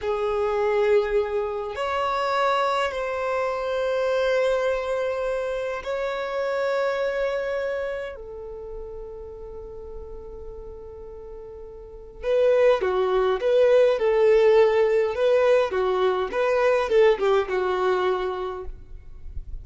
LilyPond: \new Staff \with { instrumentName = "violin" } { \time 4/4 \tempo 4 = 103 gis'2. cis''4~ | cis''4 c''2.~ | c''2 cis''2~ | cis''2 a'2~ |
a'1~ | a'4 b'4 fis'4 b'4 | a'2 b'4 fis'4 | b'4 a'8 g'8 fis'2 | }